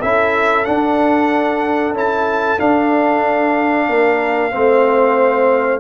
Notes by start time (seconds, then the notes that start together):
0.00 C#4 E4 A4 E5
0.65 D4 F#5
1.93 C#4 E4 A5
2.58 D4 F5
3.89 A#3 A#4
4.52 A3 C4 C5